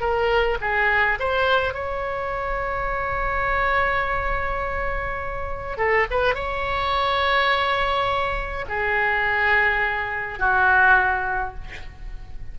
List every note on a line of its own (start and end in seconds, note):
0.00 0.58 A#4
0.61 1.19 G#4
1.19 1.74 C5
1.74 5.77 C#5
5.77 6.06 A4
6.10 6.35 B4
6.35 8.65 C#5
8.69 10.39 G#4
10.39 11.54 F#4